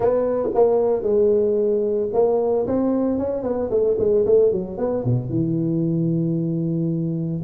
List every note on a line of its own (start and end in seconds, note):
0.00 0.49 B3
0.54 1.02 A#3
1.02 2.09 G#3
2.13 2.66 A#3
2.66 3.18 C4
3.18 3.42 C#4
3.42 3.69 B3
3.70 3.97 A3
3.98 4.25 G#3
4.25 4.52 A3
4.52 4.77 F#3
4.77 5.04 B3
5.04 5.29 B2
5.29 7.42 E3